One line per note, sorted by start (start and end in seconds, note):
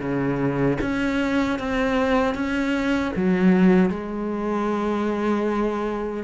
0.00 0.78 C#3
0.81 1.59 C#4
1.59 2.34 C4
2.34 3.12 C#4
3.16 3.90 F#3
3.90 6.24 G#3